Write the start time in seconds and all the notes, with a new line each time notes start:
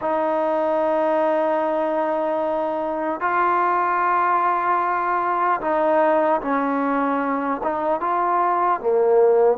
0.01 D#4
3.20 F4
5.60 D#4
6.41 C#4
7.63 D#4
8.00 F4
8.80 A#3